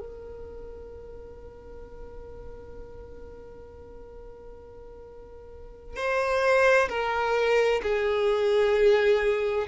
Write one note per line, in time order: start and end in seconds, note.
0.00 5.96 A#4
5.96 6.89 C5
6.89 7.81 A#4
7.83 9.67 G#4